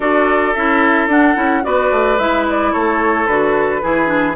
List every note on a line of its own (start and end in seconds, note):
0.00 0.55 D4
0.00 0.55 F#4
0.00 1.62 A4
0.00 0.54 D5
0.54 1.07 C#4
0.54 1.10 E4
0.54 1.08 E5
1.07 1.34 D4
1.07 1.35 D4
1.07 1.64 F#5
1.35 1.63 C#4
1.35 1.62 E4
1.62 1.91 B3
1.62 2.17 F#4
1.62 2.72 B4
1.62 2.18 D5
1.91 2.18 A3
2.18 2.73 G#3
2.18 3.28 E4
2.18 2.45 E5
2.49 2.72 D5
2.72 3.26 A3
2.72 3.81 A4
2.72 3.26 C#5
3.26 3.81 D3
3.26 3.81 F#4
3.26 4.35 B4
3.81 4.36 E3
3.81 4.05 E4
3.81 4.36 G#4
4.05 4.33 D4